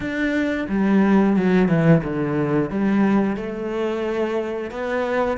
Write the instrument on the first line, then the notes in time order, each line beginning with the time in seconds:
cello
0.00 D4
0.69 G3
1.36 F#3
1.68 E3
2.03 D3
2.70 G3
3.36 A3
4.70 B3